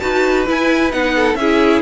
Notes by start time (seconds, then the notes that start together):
0.00 D#4 F#4 B4 A5
0.46 E4 G#5
0.90 B3 D#4 F#5
1.16 A4
1.35 C#4 E4 G#4 E5